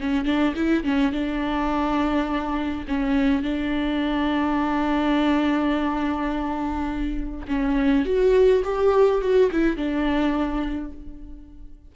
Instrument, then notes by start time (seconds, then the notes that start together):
viola
0.00 C#4
0.25 D4
0.55 E4
0.83 C#4
1.12 D4
2.88 C#4
3.42 D4
7.47 C#4
8.05 F#4
8.64 G4
9.21 F#4
9.51 E4
9.76 D4